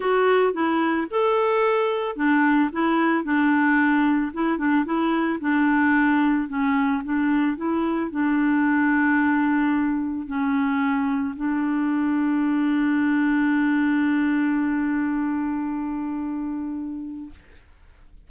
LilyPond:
\new Staff \with { instrumentName = "clarinet" } { \time 4/4 \tempo 4 = 111 fis'4 e'4 a'2 | d'4 e'4 d'2 | e'8 d'8 e'4 d'2 | cis'4 d'4 e'4 d'4~ |
d'2. cis'4~ | cis'4 d'2.~ | d'1~ | d'1 | }